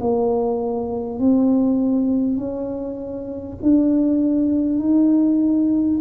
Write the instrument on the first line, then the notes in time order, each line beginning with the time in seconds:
tuba
0.00 A#3
1.19 C4
2.37 C#4
3.62 D4
4.79 D#4